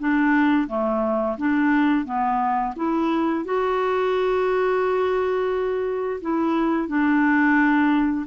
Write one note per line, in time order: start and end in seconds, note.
0.00 0.68 D4
0.68 1.37 A3
1.38 2.06 D4
2.06 2.75 B3
2.76 3.45 E4
3.45 6.21 F#4
6.21 6.88 E4
6.88 8.26 D4